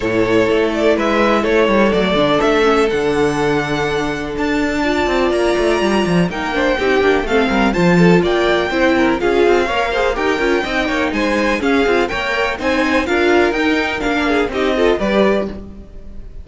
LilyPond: <<
  \new Staff \with { instrumentName = "violin" } { \time 4/4 \tempo 4 = 124 cis''4. d''8 e''4 cis''4 | d''4 e''4 fis''2~ | fis''4 a''2 ais''4~ | ais''4 g''2 f''4 |
a''4 g''2 f''4~ | f''4 g''2 gis''4 | f''4 g''4 gis''4 f''4 | g''4 f''4 dis''4 d''4 | }
  \new Staff \with { instrumentName = "violin" } { \time 4/4 a'2 b'4 a'4~ | a'1~ | a'2 d''2~ | d''4 ais'8 c''8 g'4 a'8 ais'8 |
c''8 a'8 d''4 c''8 ais'8 gis'4 | cis''8 c''8 ais'4 dis''8 cis''8 c''4 | gis'4 cis''4 c''4 ais'4~ | ais'4. gis'8 g'8 a'8 b'4 | }
  \new Staff \with { instrumentName = "viola" } { \time 4/4 e'1 | a8 d'4 cis'8 d'2~ | d'2 f'2~ | f'4 dis'8 d'8 dis'8 d'8 c'4 |
f'2 e'4 f'4 | ais'8 gis'8 g'8 f'8 dis'2 | cis'8 f'8 ais'4 dis'4 f'4 | dis'4 d'4 dis'8 f'8 g'4 | }
  \new Staff \with { instrumentName = "cello" } { \time 4/4 a,4 a4 gis4 a8 g8 | fis8 d8 a4 d2~ | d4 d'4. c'8 ais8 a8 | g8 f8 ais4 c'8 ais8 a8 g8 |
f4 ais4 c'4 cis'8 c'8 | ais4 dis'8 cis'8 c'8 ais8 gis4 | cis'8 c'8 ais4 c'4 d'4 | dis'4 ais4 c'4 g4 | }
>>